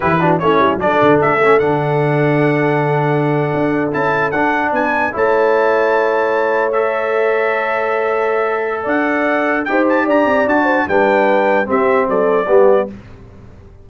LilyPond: <<
  \new Staff \with { instrumentName = "trumpet" } { \time 4/4 \tempo 4 = 149 b'4 cis''4 d''4 e''4 | fis''1~ | fis''4.~ fis''16 a''4 fis''4 gis''16~ | gis''8. a''2.~ a''16~ |
a''8. e''2.~ e''16~ | e''2 fis''2 | g''8 a''8 ais''4 a''4 g''4~ | g''4 e''4 d''2 | }
  \new Staff \with { instrumentName = "horn" } { \time 4/4 g'8 fis'8 e'4 a'2~ | a'1~ | a'2.~ a'8. b'16~ | b'8. cis''2.~ cis''16~ |
cis''1~ | cis''2 d''2 | c''4 d''4. c''8 b'4~ | b'4 g'4 a'4 g'4 | }
  \new Staff \with { instrumentName = "trombone" } { \time 4/4 e'8 d'8 cis'4 d'4. cis'8 | d'1~ | d'4.~ d'16 e'4 d'4~ d'16~ | d'8. e'2.~ e'16~ |
e'8. a'2.~ a'16~ | a'1 | g'2 fis'4 d'4~ | d'4 c'2 b4 | }
  \new Staff \with { instrumentName = "tuba" } { \time 4/4 e4 a8 g8 fis8 d8 a4 | d1~ | d8. d'4 cis'4 d'4 b16~ | b8. a2.~ a16~ |
a1~ | a2 d'2 | dis'4 d'8 c'8 d'4 g4~ | g4 c'4 fis4 g4 | }
>>